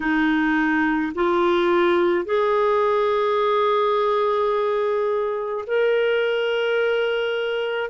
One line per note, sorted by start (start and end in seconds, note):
0.00 1.13 D#4
1.14 2.25 F4
2.25 5.64 G#4
5.66 7.90 A#4